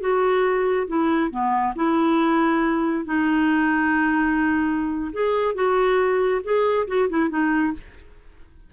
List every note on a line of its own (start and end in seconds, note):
0.00 0.87 F#4
0.88 1.30 E4
1.30 1.74 B3
1.75 3.05 E4
3.05 5.12 D#4
5.12 5.54 G#4
5.54 6.41 F#4
6.44 6.87 G#4
6.87 7.09 F#4
7.10 7.29 E4
7.29 7.73 D#4